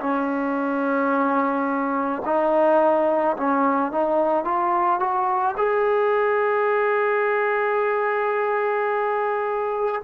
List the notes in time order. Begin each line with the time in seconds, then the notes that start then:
0.00 C#4
2.25 D#4
3.36 C#4
3.91 D#4
4.44 F4
4.99 F#4
5.57 G#4